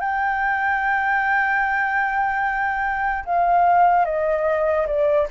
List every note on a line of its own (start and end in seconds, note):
0.00 3.24 G5
3.25 4.05 F5
4.05 4.86 D#5
4.87 5.27 D5